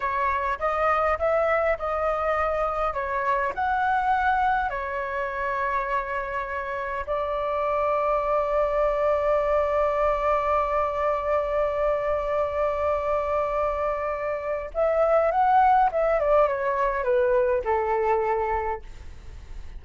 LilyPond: \new Staff \with { instrumentName = "flute" } { \time 4/4 \tempo 4 = 102 cis''4 dis''4 e''4 dis''4~ | dis''4 cis''4 fis''2 | cis''1 | d''1~ |
d''1~ | d''1~ | d''4 e''4 fis''4 e''8 d''8 | cis''4 b'4 a'2 | }